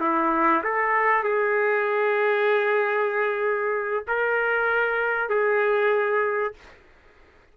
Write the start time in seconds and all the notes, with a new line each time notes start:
0.00 E4
0.63 A4
1.23 G#4
4.07 A#4
5.29 G#4